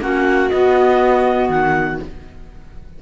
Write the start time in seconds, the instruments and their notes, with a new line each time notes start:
0.00 cello A#3, clarinet C#4 F#5, viola F#4
0.49 cello B3, clarinet B3 D#5
1.49 cello D#3, clarinet F#5